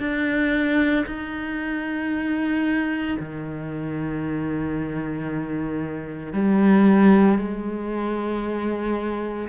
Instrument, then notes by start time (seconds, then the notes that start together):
cello
0.00 D4
1.07 D#4
3.20 D#3
6.33 G3
7.38 G#3